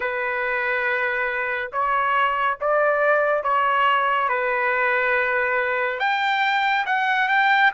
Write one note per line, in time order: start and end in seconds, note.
0.00 1.71 B4
1.72 2.58 C#5
2.61 3.43 D5
3.43 4.29 C#5
4.29 5.99 B4
5.99 6.85 G5
6.86 7.28 F#5
7.28 7.71 G5